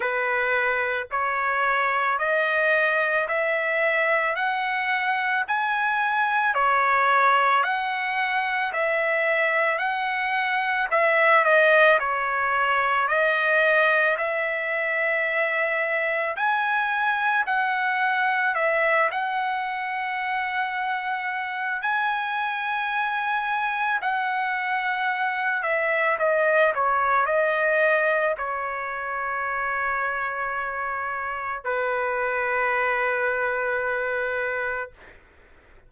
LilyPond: \new Staff \with { instrumentName = "trumpet" } { \time 4/4 \tempo 4 = 55 b'4 cis''4 dis''4 e''4 | fis''4 gis''4 cis''4 fis''4 | e''4 fis''4 e''8 dis''8 cis''4 | dis''4 e''2 gis''4 |
fis''4 e''8 fis''2~ fis''8 | gis''2 fis''4. e''8 | dis''8 cis''8 dis''4 cis''2~ | cis''4 b'2. | }